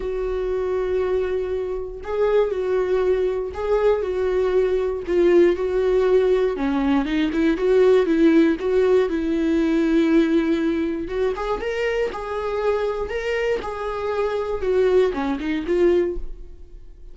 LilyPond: \new Staff \with { instrumentName = "viola" } { \time 4/4 \tempo 4 = 119 fis'1 | gis'4 fis'2 gis'4 | fis'2 f'4 fis'4~ | fis'4 cis'4 dis'8 e'8 fis'4 |
e'4 fis'4 e'2~ | e'2 fis'8 gis'8 ais'4 | gis'2 ais'4 gis'4~ | gis'4 fis'4 cis'8 dis'8 f'4 | }